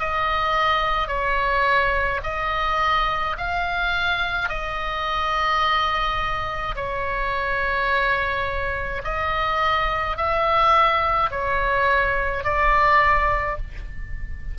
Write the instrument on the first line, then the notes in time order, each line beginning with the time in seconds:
oboe
0.00 D#5
1.08 C#5
2.23 D#5
3.38 F5
4.49 D#5
6.76 C#5
9.05 D#5
10.17 E5
11.31 C#5
12.44 D5